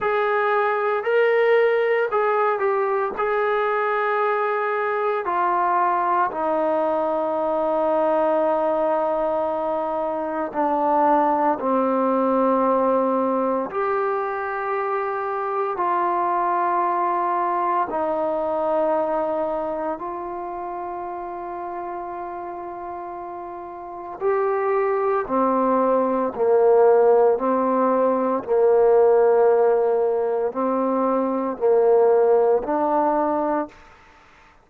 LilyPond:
\new Staff \with { instrumentName = "trombone" } { \time 4/4 \tempo 4 = 57 gis'4 ais'4 gis'8 g'8 gis'4~ | gis'4 f'4 dis'2~ | dis'2 d'4 c'4~ | c'4 g'2 f'4~ |
f'4 dis'2 f'4~ | f'2. g'4 | c'4 ais4 c'4 ais4~ | ais4 c'4 ais4 d'4 | }